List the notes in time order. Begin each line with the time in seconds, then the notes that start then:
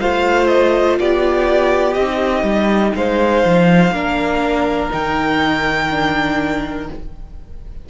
0.00 A3 F4 C5 F5
0.47 D#5
0.99 B3 G4 D5
1.93 C4 D#5
2.00 D#4
2.43 G3
2.95 G#3 C5 F5
3.44 F3
3.91 A#3 D4 A#4
4.90 D#3 D#4 G5
5.90 D4